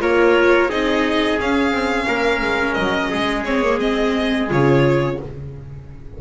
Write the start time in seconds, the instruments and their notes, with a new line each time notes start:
0.00 double bass A#3, viola F4, trumpet A#4, violin C#5
0.69 double bass C4, viola D#4, trumpet G#4, violin D#5
1.39 double bass C#4, viola C#4, violin F5
1.71 double bass C4
2.07 double bass A#3, trumpet A#4
2.41 double bass G#3
2.73 double bass F#3, violin D#5
3.10 double bass G#3, trumpet G#4
3.44 viola C4, violin C#5
3.62 viola A#3
3.78 viola C4, violin D#5
4.48 double bass C#3, viola F4, violin C#5